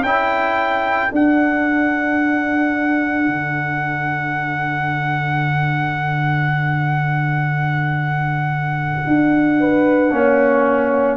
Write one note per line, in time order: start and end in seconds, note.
0.00 1.11 C#4
0.00 9.55 A4
0.00 1.13 G5
0.06 1.10 E4
1.10 10.10 D4
1.10 3.28 D4
1.10 11.17 F#5
3.28 9.00 D3
9.07 10.12 D4
9.60 10.15 B4
10.11 11.17 A#3
10.11 11.17 C#4
10.11 11.17 C#5